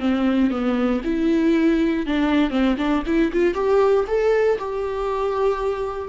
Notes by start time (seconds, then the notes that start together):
0.00 C4
0.51 B3
1.05 E4
2.07 D4
2.51 C4
2.78 D4
3.06 E4
3.33 F4
3.55 G4
4.08 A4
4.59 G4